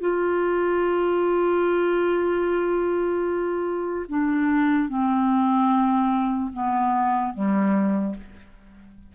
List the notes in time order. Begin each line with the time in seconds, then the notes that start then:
0.00 F4
4.08 D4
4.88 C4
6.53 B3
7.33 G3